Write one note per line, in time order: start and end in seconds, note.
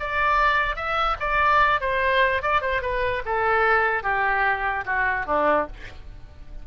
0.00 0.76 D5
0.76 1.17 E5
1.20 1.81 D5
1.81 2.42 C5
2.42 2.62 D5
2.62 2.82 C5
2.82 3.23 B4
3.26 4.03 A4
4.03 4.85 G4
4.86 5.26 F#4
5.26 5.67 D4